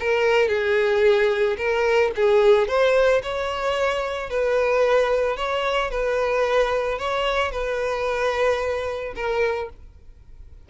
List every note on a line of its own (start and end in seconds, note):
0.00 0.48 A#4
0.48 1.57 G#4
1.58 2.12 A#4
2.16 2.68 G#4
2.68 3.22 C5
3.23 4.30 C#5
4.30 5.37 B4
5.37 5.91 C#5
5.91 6.99 B4
6.99 7.52 C#5
7.52 9.14 B4
9.16 9.70 A#4